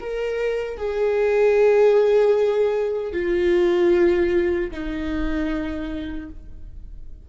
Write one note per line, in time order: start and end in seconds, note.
0.00 0.77 A#4
0.77 3.13 G#4
3.13 4.71 F4
4.71 6.29 D#4